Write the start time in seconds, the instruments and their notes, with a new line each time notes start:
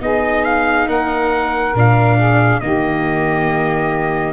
0.00 tuba B3, viola D#4, saxophone G#4, trumpet D#5
0.45 trumpet F5
0.87 tuba A#3, saxophone A#4, trumpet F#5
1.75 tuba A#2, viola D4, trumpet F5
2.17 saxophone G#4
2.61 tuba D#3, viola A#3, saxophone G4, trumpet D#5